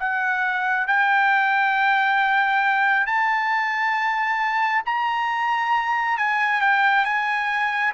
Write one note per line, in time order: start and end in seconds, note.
0.00 0.87 F#5
0.87 3.06 G5
3.06 4.83 A5
4.85 6.18 A#5
6.18 6.61 G#5
6.61 7.05 G5
7.05 7.93 G#5